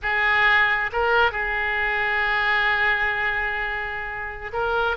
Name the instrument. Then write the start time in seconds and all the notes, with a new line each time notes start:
oboe
0.02 G#4
0.92 A#4
1.31 G#4
4.53 A#4